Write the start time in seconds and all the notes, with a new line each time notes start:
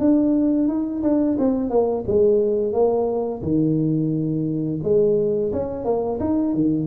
0.00 D4
0.68 D#4
1.03 D4
1.39 C4
1.70 A#3
2.08 G#3
2.73 A#3
3.42 D#3
4.84 G#3
5.53 C#4
5.85 A#3
6.20 D#4
6.55 D#3